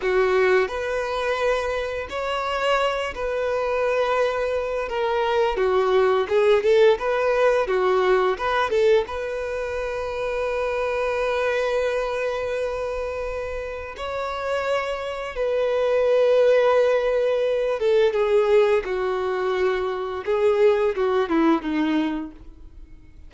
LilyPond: \new Staff \with { instrumentName = "violin" } { \time 4/4 \tempo 4 = 86 fis'4 b'2 cis''4~ | cis''8 b'2~ b'8 ais'4 | fis'4 gis'8 a'8 b'4 fis'4 | b'8 a'8 b'2.~ |
b'1 | cis''2 b'2~ | b'4. a'8 gis'4 fis'4~ | fis'4 gis'4 fis'8 e'8 dis'4 | }